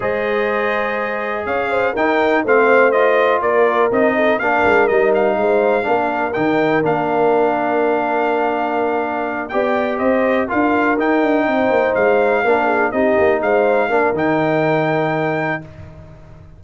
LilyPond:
<<
  \new Staff \with { instrumentName = "trumpet" } { \time 4/4 \tempo 4 = 123 dis''2. f''4 | g''4 f''4 dis''4 d''4 | dis''4 f''4 dis''8 f''4.~ | f''4 g''4 f''2~ |
f''2.~ f''8 g''8~ | g''8 dis''4 f''4 g''4.~ | g''8 f''2 dis''4 f''8~ | f''4 g''2. | }
  \new Staff \with { instrumentName = "horn" } { \time 4/4 c''2. cis''8 c''8 | ais'4 c''2 ais'4~ | ais'8 a'8 ais'2 c''4 | ais'1~ |
ais'2.~ ais'8 d''8~ | d''8 c''4 ais'2 c''8~ | c''4. ais'8 gis'8 g'4 c''8~ | c''8 ais'2.~ ais'8 | }
  \new Staff \with { instrumentName = "trombone" } { \time 4/4 gis'1 | dis'4 c'4 f'2 | dis'4 d'4 dis'2 | d'4 dis'4 d'2~ |
d'2.~ d'8 g'8~ | g'4. f'4 dis'4.~ | dis'4. d'4 dis'4.~ | dis'8 d'8 dis'2. | }
  \new Staff \with { instrumentName = "tuba" } { \time 4/4 gis2. cis'4 | dis'4 a2 ais4 | c'4 ais8 gis8 g4 gis4 | ais4 dis4 ais2~ |
ais2.~ ais8 b8~ | b8 c'4 d'4 dis'8 d'8 c'8 | ais8 gis4 ais4 c'8 ais8 gis8~ | gis8 ais8 dis2. | }
>>